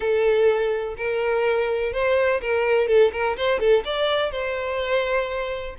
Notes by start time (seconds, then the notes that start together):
0.00 A4
0.97 A#4
1.92 C5
2.41 A#4
2.87 A4
3.12 A#4
3.36 C5
3.59 A4
3.84 D5
4.31 C5